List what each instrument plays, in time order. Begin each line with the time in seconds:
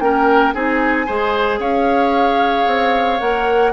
0.00 bassoon A#3, clarinet C#4, oboe A#4, flute G5
0.54 bassoon C4, clarinet D#4, oboe G#4, flute G#5
1.06 bassoon G#3, clarinet G#4, oboe C5
1.60 bassoon C#4, oboe C#5, flute F5
2.67 bassoon C4
3.20 bassoon A#3, clarinet A#4, flute F#5